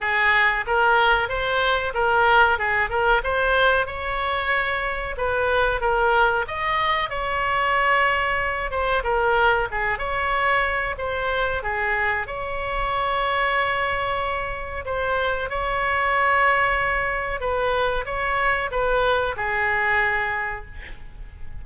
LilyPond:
\new Staff \with { instrumentName = "oboe" } { \time 4/4 \tempo 4 = 93 gis'4 ais'4 c''4 ais'4 | gis'8 ais'8 c''4 cis''2 | b'4 ais'4 dis''4 cis''4~ | cis''4. c''8 ais'4 gis'8 cis''8~ |
cis''4 c''4 gis'4 cis''4~ | cis''2. c''4 | cis''2. b'4 | cis''4 b'4 gis'2 | }